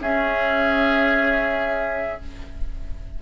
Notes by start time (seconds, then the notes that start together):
0.00 C#4 G#4 E5